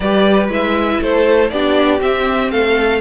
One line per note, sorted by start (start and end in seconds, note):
0.00 0.48 G3
0.00 0.49 G4
0.00 1.00 B4
0.00 0.48 D5
0.48 0.99 G#3
0.48 1.50 E4
0.48 1.02 E5
1.00 1.50 A3
1.00 1.51 A4
1.00 1.50 C5
1.50 2.01 B3
1.50 1.99 D4
1.50 2.52 G4
1.50 2.00 D5
1.99 3.00 C4
1.99 2.51 C4
1.99 2.51 E5
2.51 3.01 A3
2.51 3.01 A4
2.51 3.01 F5